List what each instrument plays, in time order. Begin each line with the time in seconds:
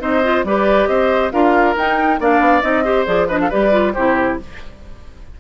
0.00 bassoon C4, clarinet D#4, oboe C5, flute D#5
0.23 clarinet F4
0.44 bassoon G3, clarinet G4, oboe B4, flute D5
0.87 bassoon C4, oboe C5, flute D#5
1.32 bassoon D4, clarinet F4, oboe A#4, flute F5
1.76 bassoon D#4, clarinet D#4, flute G5
2.20 bassoon A#3, clarinet D4, oboe D5, flute F5
2.40 bassoon B3
2.62 bassoon C4, clarinet D#4, flute D#5
2.84 clarinet G4, oboe C5
3.06 bassoon F3, clarinet G#4, flute D5
3.28 clarinet D4, oboe B4, flute D#5
3.40 oboe A4, flute F5
3.49 bassoon G3, clarinet G4, oboe B4, flute D5
3.71 clarinet F4
3.93 bassoon C3, clarinet E4, oboe G4, flute C5